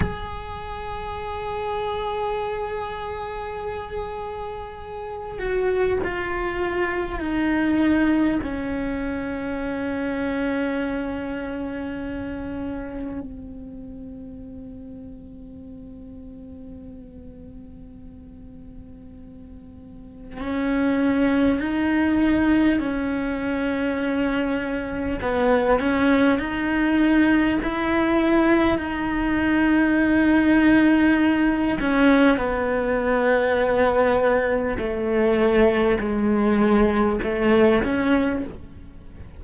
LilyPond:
\new Staff \with { instrumentName = "cello" } { \time 4/4 \tempo 4 = 50 gis'1~ | gis'8 fis'8 f'4 dis'4 cis'4~ | cis'2. c'4~ | c'1~ |
c'4 cis'4 dis'4 cis'4~ | cis'4 b8 cis'8 dis'4 e'4 | dis'2~ dis'8 cis'8 b4~ | b4 a4 gis4 a8 cis'8 | }